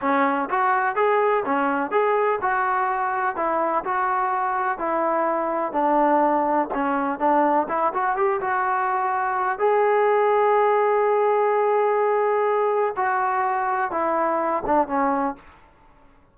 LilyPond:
\new Staff \with { instrumentName = "trombone" } { \time 4/4 \tempo 4 = 125 cis'4 fis'4 gis'4 cis'4 | gis'4 fis'2 e'4 | fis'2 e'2 | d'2 cis'4 d'4 |
e'8 fis'8 g'8 fis'2~ fis'8 | gis'1~ | gis'2. fis'4~ | fis'4 e'4. d'8 cis'4 | }